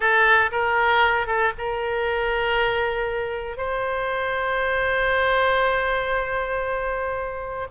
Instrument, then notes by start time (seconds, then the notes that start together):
oboe
0.00 A4
0.51 A#4
1.26 A4
1.58 A#4
3.57 C5